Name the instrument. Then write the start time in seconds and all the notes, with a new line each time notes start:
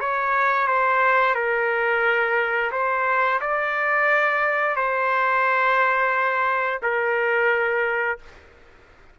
trumpet
0.00 C#5
0.67 C5
1.35 A#4
2.71 C5
3.41 D5
4.76 C5
6.82 A#4